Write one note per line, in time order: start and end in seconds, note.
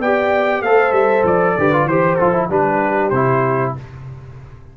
0.00 0.62 B3
0.00 0.65 G4
0.00 0.62 D5
0.00 0.63 G5
0.62 0.92 A3
0.62 1.59 A4
0.62 1.58 C5
0.62 0.93 F5
0.92 1.23 G3
0.92 1.24 E5
1.24 1.56 F3
1.24 1.88 D5
1.58 1.86 D3
1.58 1.73 G4
1.58 1.89 B4
1.73 1.89 F4
1.86 2.17 E3
1.86 2.20 G4
1.86 2.15 C5
1.86 2.50 C5
2.15 2.50 F3
2.15 2.34 F4
2.15 2.47 A4
2.34 2.49 E4
2.50 3.12 G3
2.50 3.12 D4
2.50 3.75 G4
2.50 3.10 B4
3.10 3.74 C3
3.10 3.77 E4
3.10 3.73 C5